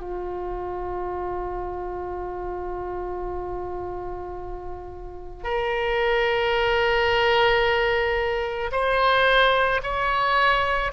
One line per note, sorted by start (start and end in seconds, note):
0.00 5.43 F4
5.43 8.71 A#4
8.72 9.81 C5
9.82 10.91 C#5